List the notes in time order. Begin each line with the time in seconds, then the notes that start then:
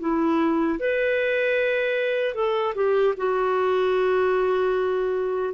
0.00 E4
0.79 B4
2.35 A4
2.75 G4
3.17 F#4